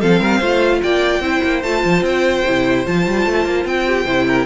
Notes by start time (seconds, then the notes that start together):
0.00 F3 C4 A4 F5
0.20 G3 A#4
0.38 A3 F4 C5
0.82 A#3 D5 G5
1.20 C4 E4 C5
1.43 A#3
1.63 A3 F4 A5
1.85 F3
2.02 C4 G5
2.46 C3 E4
2.85 F3 F4 A5
3.06 G3
3.26 A3
3.45 A#3
3.65 C4 G5
3.87 G4
4.05 C3 E4 C5
4.28 A#4